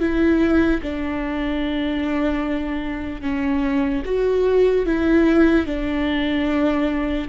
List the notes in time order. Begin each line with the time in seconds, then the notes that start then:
0.00 E4
0.83 D4
3.22 C#4
4.05 F#4
4.86 E4
5.66 D4